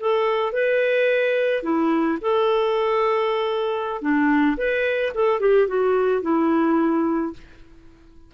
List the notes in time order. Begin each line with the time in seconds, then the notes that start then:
0.00 A4
0.53 B4
1.63 E4
2.21 A4
4.01 D4
4.57 B4
5.14 A4
5.40 G4
5.67 F#4
6.22 E4